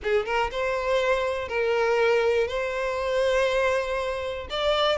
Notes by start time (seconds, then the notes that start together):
0.03 G#4
0.25 A#4
0.51 C5
1.48 A#4
2.47 C5
4.50 D5